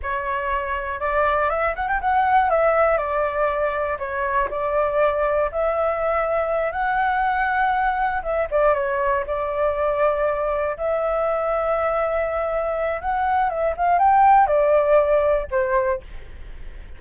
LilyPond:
\new Staff \with { instrumentName = "flute" } { \time 4/4 \tempo 4 = 120 cis''2 d''4 e''8 fis''16 g''16 | fis''4 e''4 d''2 | cis''4 d''2 e''4~ | e''4. fis''2~ fis''8~ |
fis''8 e''8 d''8 cis''4 d''4.~ | d''4. e''2~ e''8~ | e''2 fis''4 e''8 f''8 | g''4 d''2 c''4 | }